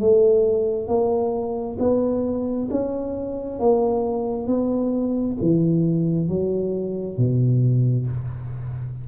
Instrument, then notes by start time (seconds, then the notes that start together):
tuba
0.00 A3
0.88 A#3
1.79 B3
2.71 C#4
3.59 A#3
4.47 B3
5.41 E3
6.28 F#3
7.18 B2